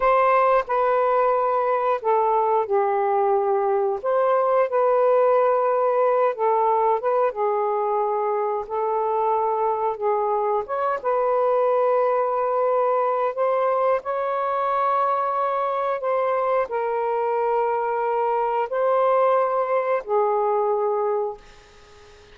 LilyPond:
\new Staff \with { instrumentName = "saxophone" } { \time 4/4 \tempo 4 = 90 c''4 b'2 a'4 | g'2 c''4 b'4~ | b'4. a'4 b'8 gis'4~ | gis'4 a'2 gis'4 |
cis''8 b'2.~ b'8 | c''4 cis''2. | c''4 ais'2. | c''2 gis'2 | }